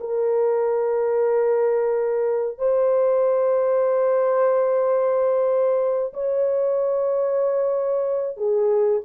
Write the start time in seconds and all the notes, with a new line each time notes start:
0.00 A#4
2.58 C5
6.13 C#5
8.37 G#4